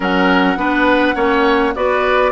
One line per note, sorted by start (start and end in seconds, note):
0.00 0.56 F#3
0.00 0.57 C#4
0.00 0.58 A#4
0.00 1.75 F#5
0.56 1.14 B3
0.56 1.15 D4
0.56 1.15 B4
1.15 1.73 A#3
1.15 1.73 C#4
1.15 1.73 C#5
1.75 2.32 B3
1.75 2.32 F#4
1.75 2.32 B4
1.75 2.32 D5